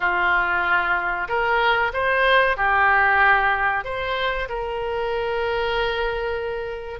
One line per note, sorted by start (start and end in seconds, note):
0.00 1.28 F4
1.28 1.92 A#4
1.93 2.56 C5
2.56 3.84 G4
3.84 4.48 C5
4.48 6.99 A#4